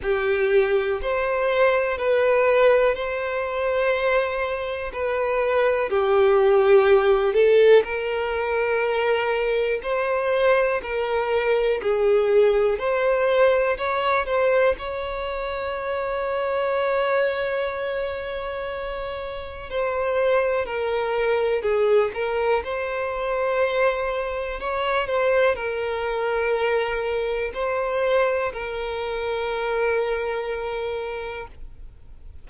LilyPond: \new Staff \with { instrumentName = "violin" } { \time 4/4 \tempo 4 = 61 g'4 c''4 b'4 c''4~ | c''4 b'4 g'4. a'8 | ais'2 c''4 ais'4 | gis'4 c''4 cis''8 c''8 cis''4~ |
cis''1 | c''4 ais'4 gis'8 ais'8 c''4~ | c''4 cis''8 c''8 ais'2 | c''4 ais'2. | }